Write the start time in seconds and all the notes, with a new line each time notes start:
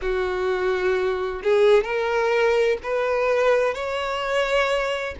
0.01 F#4
1.43 G#4
1.83 A#4
2.83 B4
3.74 C#5